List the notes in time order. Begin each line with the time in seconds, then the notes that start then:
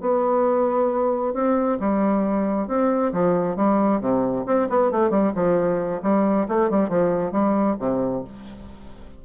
0.00 B3
1.34 C4
1.79 G3
2.67 C4
3.12 F3
3.56 G3
4.00 C3
4.46 C4
4.69 B3
4.91 A3
5.10 G3
5.34 F3
6.02 G3
6.48 A3
6.70 G3
6.89 F3
7.32 G3
7.79 C3